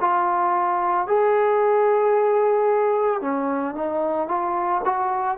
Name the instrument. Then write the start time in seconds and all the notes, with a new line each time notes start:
trombone
0.00 F4
1.07 G#4
3.21 C#4
3.75 D#4
4.28 F4
4.85 F#4